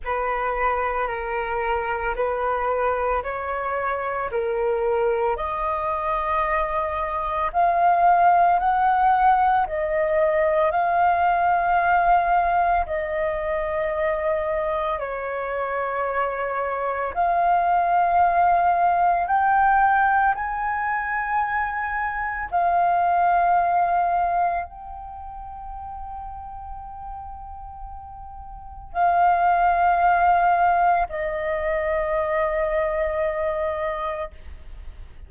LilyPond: \new Staff \with { instrumentName = "flute" } { \time 4/4 \tempo 4 = 56 b'4 ais'4 b'4 cis''4 | ais'4 dis''2 f''4 | fis''4 dis''4 f''2 | dis''2 cis''2 |
f''2 g''4 gis''4~ | gis''4 f''2 g''4~ | g''2. f''4~ | f''4 dis''2. | }